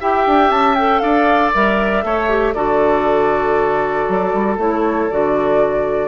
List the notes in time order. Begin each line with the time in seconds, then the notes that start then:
0.00 E4 G4 E5 G5
0.26 D4
0.50 C#4 A5
0.75 A4 G5
0.99 D4 D5 F5
1.54 G3 A#4 E5
2.03 A3 A4 C#5
2.29 G4
2.54 D3 F#4 A4 D5
4.08 F#3
4.33 G3
4.57 A3 E4 C#5
5.10 D3 F#4 D5